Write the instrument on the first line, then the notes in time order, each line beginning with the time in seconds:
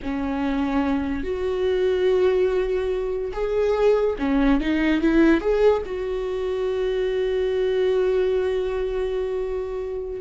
viola
0.02 C#4
1.23 F#4
3.33 G#4
4.18 C#4
4.60 D#4
5.01 E4
5.41 G#4
5.85 F#4